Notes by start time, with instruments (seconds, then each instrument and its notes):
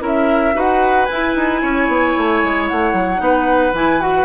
0.00 bassoon C#4, clarinet E4, oboe A#4
0.07 flute E5
0.54 bassoon D#4, clarinet F#4, oboe B4, flute F#5
1.05 bassoon E4, flute G#5
1.12 clarinet E4
1.35 bassoon D#4
1.62 bassoon C#4, oboe C#5
1.88 bassoon B3
2.17 bassoon A3
2.43 bassoon G#3
2.68 bassoon A3, flute F#5
2.93 bassoon F#3
3.18 bassoon B3, clarinet D#4, oboe B4
3.73 bassoon E3, clarinet E4, flute G#5
4.01 clarinet F#4, flute F#5